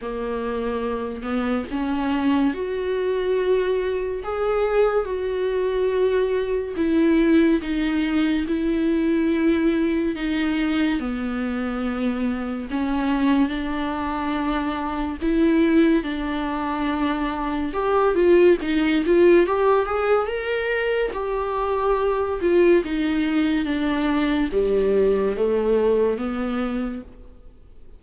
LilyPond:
\new Staff \with { instrumentName = "viola" } { \time 4/4 \tempo 4 = 71 ais4. b8 cis'4 fis'4~ | fis'4 gis'4 fis'2 | e'4 dis'4 e'2 | dis'4 b2 cis'4 |
d'2 e'4 d'4~ | d'4 g'8 f'8 dis'8 f'8 g'8 gis'8 | ais'4 g'4. f'8 dis'4 | d'4 g4 a4 b4 | }